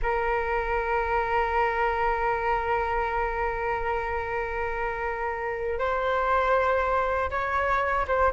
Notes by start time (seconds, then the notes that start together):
0.02 A#4
5.78 C5
7.30 C#5
8.07 C5